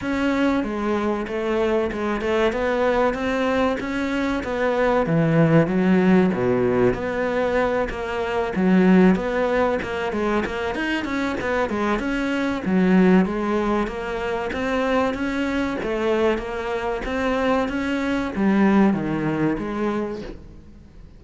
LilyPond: \new Staff \with { instrumentName = "cello" } { \time 4/4 \tempo 4 = 95 cis'4 gis4 a4 gis8 a8 | b4 c'4 cis'4 b4 | e4 fis4 b,4 b4~ | b8 ais4 fis4 b4 ais8 |
gis8 ais8 dis'8 cis'8 b8 gis8 cis'4 | fis4 gis4 ais4 c'4 | cis'4 a4 ais4 c'4 | cis'4 g4 dis4 gis4 | }